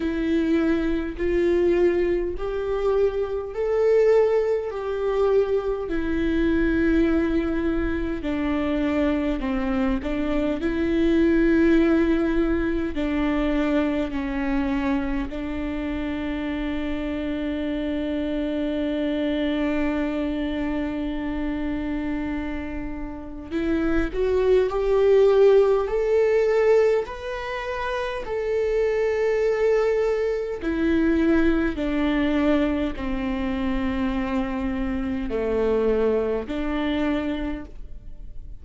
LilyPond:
\new Staff \with { instrumentName = "viola" } { \time 4/4 \tempo 4 = 51 e'4 f'4 g'4 a'4 | g'4 e'2 d'4 | c'8 d'8 e'2 d'4 | cis'4 d'2.~ |
d'1 | e'8 fis'8 g'4 a'4 b'4 | a'2 e'4 d'4 | c'2 a4 d'4 | }